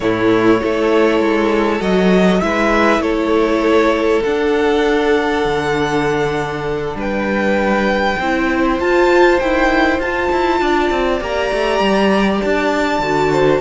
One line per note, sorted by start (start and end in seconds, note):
0.00 0.60 A2
0.00 0.61 A3
0.00 0.61 E4
0.00 1.81 C#5
0.61 1.19 A3
0.61 1.79 E4
0.61 2.42 A4
1.19 1.80 G#3
1.79 2.41 F#3
1.79 2.40 F#4
1.79 2.41 D#5
2.41 2.98 G#3
2.41 4.23 E4
2.41 3.03 B4
2.41 3.01 E5
2.98 4.20 A3
2.98 6.96 A4
2.98 4.23 C#5
4.23 8.18 D4
4.23 5.44 D4
4.23 6.96 F#5
5.44 6.95 D3
6.95 8.16 G3
6.95 8.18 B4
6.95 8.80 G5
8.18 8.79 C4
8.18 8.81 E4
8.18 10.60 C5
8.79 9.40 F4
8.79 9.39 F4
8.79 9.39 A5
9.39 9.99 D#3
9.39 9.99 E4
9.39 10.00 G5
9.99 10.29 F4
9.99 11.20 F4
9.99 11.22 A5
10.31 10.60 E4
10.60 10.90 D4
10.60 13.31 D5
10.90 11.20 C4
11.20 11.51 A#3
11.20 13.02 G4
11.20 12.42 A#5
11.52 11.79 A3
11.79 12.40 G3
12.42 12.99 D4
12.42 13.61 A5
12.99 13.59 D3
12.99 13.61 F#4
13.31 13.61 C5